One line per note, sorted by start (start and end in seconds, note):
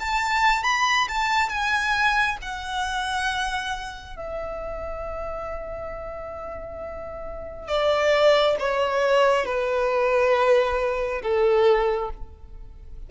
0.00 0.64 A5
0.64 1.08 B5
1.09 1.50 A5
1.50 2.38 G#5
2.42 4.17 F#5
4.17 7.68 E5
7.68 8.56 D5
8.60 9.46 C#5
9.46 11.22 B4
11.23 12.11 A4